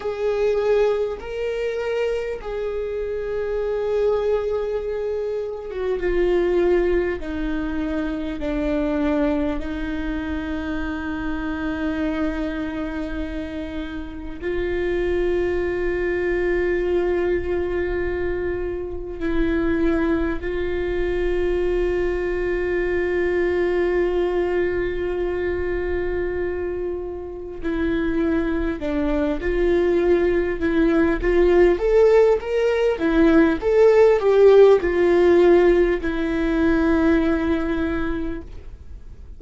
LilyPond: \new Staff \with { instrumentName = "viola" } { \time 4/4 \tempo 4 = 50 gis'4 ais'4 gis'2~ | gis'8. fis'16 f'4 dis'4 d'4 | dis'1 | f'1 |
e'4 f'2.~ | f'2. e'4 | d'8 f'4 e'8 f'8 a'8 ais'8 e'8 | a'8 g'8 f'4 e'2 | }